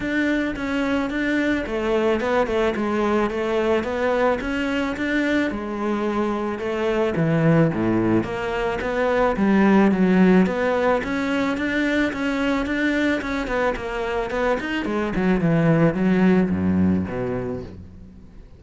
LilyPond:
\new Staff \with { instrumentName = "cello" } { \time 4/4 \tempo 4 = 109 d'4 cis'4 d'4 a4 | b8 a8 gis4 a4 b4 | cis'4 d'4 gis2 | a4 e4 a,4 ais4 |
b4 g4 fis4 b4 | cis'4 d'4 cis'4 d'4 | cis'8 b8 ais4 b8 dis'8 gis8 fis8 | e4 fis4 fis,4 b,4 | }